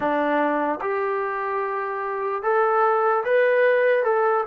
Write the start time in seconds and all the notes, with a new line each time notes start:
0.00 D4
0.81 G4
2.42 A4
3.24 B4
4.03 A4